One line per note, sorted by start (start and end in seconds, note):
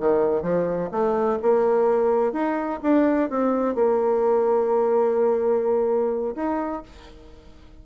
0.00 0.43 D#3
0.43 0.90 F3
0.91 1.39 A3
1.42 2.33 A#3
2.33 2.80 D#4
2.83 3.30 D4
3.30 3.75 C4
3.75 6.35 A#3
6.35 6.83 D#4